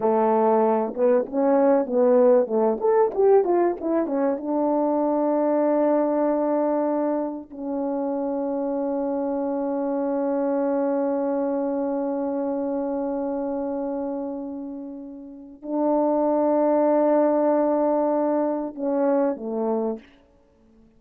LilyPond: \new Staff \with { instrumentName = "horn" } { \time 4/4 \tempo 4 = 96 a4. b8 cis'4 b4 | a8 a'8 g'8 f'8 e'8 cis'8 d'4~ | d'1 | cis'1~ |
cis'1~ | cis'1~ | cis'4 d'2.~ | d'2 cis'4 a4 | }